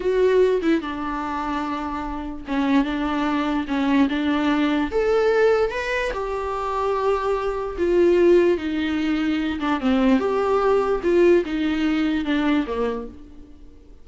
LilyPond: \new Staff \with { instrumentName = "viola" } { \time 4/4 \tempo 4 = 147 fis'4. e'8 d'2~ | d'2 cis'4 d'4~ | d'4 cis'4 d'2 | a'2 b'4 g'4~ |
g'2. f'4~ | f'4 dis'2~ dis'8 d'8 | c'4 g'2 f'4 | dis'2 d'4 ais4 | }